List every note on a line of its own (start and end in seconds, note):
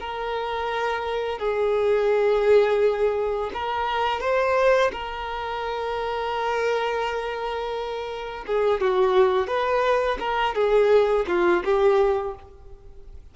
0.00 1.39 A#4
1.39 3.51 G#4
3.54 4.21 A#4
4.21 4.91 C5
4.92 8.45 A#4
8.47 8.81 G#4
8.81 9.47 F#4
9.47 10.18 B4
10.20 10.55 A#4
10.55 11.26 G#4
11.28 11.63 F4
11.64 12.35 G4